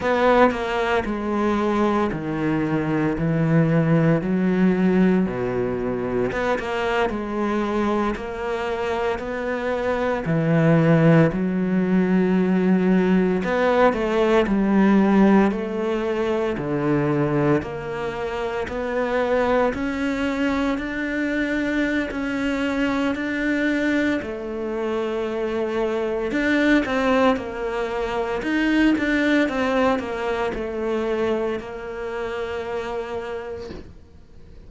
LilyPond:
\new Staff \with { instrumentName = "cello" } { \time 4/4 \tempo 4 = 57 b8 ais8 gis4 dis4 e4 | fis4 b,4 b16 ais8 gis4 ais16~ | ais8. b4 e4 fis4~ fis16~ | fis8. b8 a8 g4 a4 d16~ |
d8. ais4 b4 cis'4 d'16~ | d'4 cis'4 d'4 a4~ | a4 d'8 c'8 ais4 dis'8 d'8 | c'8 ais8 a4 ais2 | }